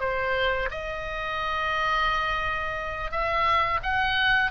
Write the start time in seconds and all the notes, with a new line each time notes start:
0.00 C5
0.71 D#5
3.11 E5
3.82 F#5